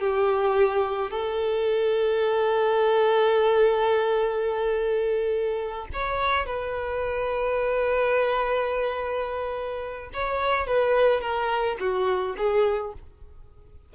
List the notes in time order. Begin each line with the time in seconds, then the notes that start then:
0.00 G4
1.11 A4
5.93 C#5
6.46 B4
10.13 C#5
10.67 B4
11.20 A#4
11.80 F#4
12.37 G#4